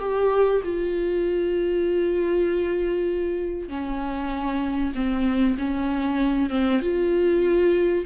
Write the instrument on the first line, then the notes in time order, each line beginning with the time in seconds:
viola
0.00 G4
0.64 F4
3.69 C#4
4.95 C4
5.59 C#4
6.50 C4
6.82 F4